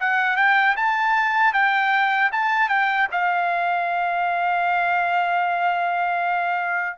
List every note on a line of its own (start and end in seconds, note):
0.00 0.37 F#5
0.37 0.76 G5
0.77 1.53 A5
1.53 2.31 G5
2.32 2.69 A5
2.69 3.08 G5
3.12 6.98 F5